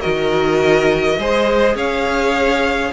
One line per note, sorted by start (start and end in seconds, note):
0.00 1.17 D#3
0.00 1.18 F#4
0.00 1.17 A#4
0.00 1.75 D#5
1.17 1.75 G#3
1.17 2.93 G#4
1.17 1.76 C5
1.75 2.91 C#4
1.75 2.92 C#5
1.75 2.93 F5